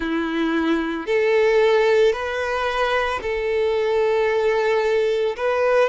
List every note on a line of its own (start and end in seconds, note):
0.00 1.06 E4
1.06 2.12 A4
2.12 3.19 B4
3.21 5.36 A4
5.36 5.89 B4